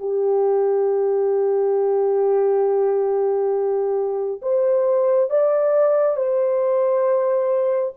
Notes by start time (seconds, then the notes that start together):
0.00 G4
4.42 C5
5.30 D5
6.17 C5